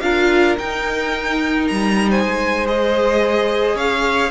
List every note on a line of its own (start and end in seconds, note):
0.00 0.57 D4
0.00 0.57 F4
0.00 2.09 A#4
0.00 0.56 F5
0.58 1.70 D#4
0.58 2.65 D#4
0.58 1.67 G5
1.67 2.25 G3
1.67 2.09 A#5
2.09 3.76 C5
2.09 2.66 G#5
2.25 3.74 G#3
2.65 4.31 G#4
2.65 3.77 D#5
3.74 4.30 C#4
3.74 4.31 C#5
3.74 4.31 F5